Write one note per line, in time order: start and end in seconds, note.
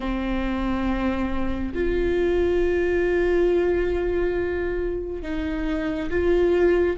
0.00 1.73 C4
1.74 5.22 F4
5.22 6.09 D#4
6.09 6.96 F4